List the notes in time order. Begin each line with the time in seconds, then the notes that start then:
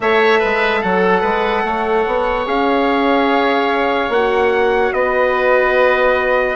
0.00 A3 A4 C#5 E5
0.39 G#3 B4
0.80 F#3 A4 F#5
1.21 G#3 B4
1.63 A3 C#5
2.06 B3
2.46 C#4 G#4 F5
4.09 A#3 F#4 F#5
4.92 B3 B4 D#5